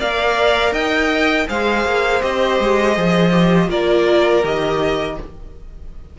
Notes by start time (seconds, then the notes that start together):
0.00 A#3 A#4 D5 F5
0.72 D#4 D#5 G5
1.48 G#3 G#4 C5 F5
1.85 A#3
2.22 C4 G4 D#5
2.60 G#3
2.96 F3 G#4
3.32 G4
3.69 A#3 F4 A#4 D5
4.44 D#3 G4 D#5